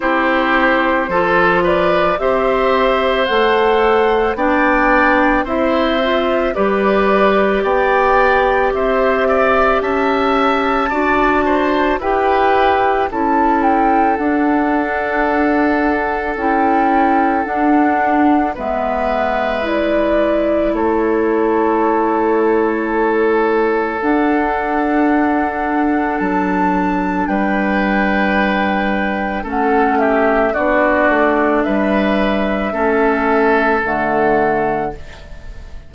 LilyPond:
<<
  \new Staff \with { instrumentName = "flute" } { \time 4/4 \tempo 4 = 55 c''4. d''8 e''4 fis''4 | g''4 e''4 d''4 g''4 | e''4 a''2 g''4 | a''8 g''8 fis''2 g''4 |
fis''4 e''4 d''4 cis''4~ | cis''2 fis''2 | a''4 g''2 fis''8 e''8 | d''4 e''2 fis''4 | }
  \new Staff \with { instrumentName = "oboe" } { \time 4/4 g'4 a'8 b'8 c''2 | d''4 c''4 b'4 d''4 | c''8 d''8 e''4 d''8 c''8 b'4 | a'1~ |
a'4 b'2 a'4~ | a'1~ | a'4 b'2 a'8 g'8 | fis'4 b'4 a'2 | }
  \new Staff \with { instrumentName = "clarinet" } { \time 4/4 e'4 f'4 g'4 a'4 | d'4 e'8 f'8 g'2~ | g'2 fis'4 g'4 | e'4 d'2 e'4 |
d'4 b4 e'2~ | e'2 d'2~ | d'2. cis'4 | d'2 cis'4 a4 | }
  \new Staff \with { instrumentName = "bassoon" } { \time 4/4 c'4 f4 c'4 a4 | b4 c'4 g4 b4 | c'4 cis'4 d'4 e'4 | cis'4 d'2 cis'4 |
d'4 gis2 a4~ | a2 d'2 | fis4 g2 a4 | b8 a8 g4 a4 d4 | }
>>